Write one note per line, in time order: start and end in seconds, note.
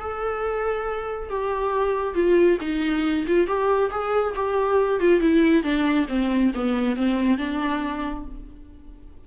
0.00 1.30 A4
1.30 2.15 G4
2.15 2.58 F4
2.61 3.26 D#4
3.27 3.47 F4
3.47 3.91 G4
3.91 4.35 G#4
4.35 5.00 G4
5.00 5.21 F4
5.21 5.63 E4
5.63 6.07 D4
6.09 6.52 C4
6.55 6.96 B3
6.96 7.38 C4
7.38 8.25 D4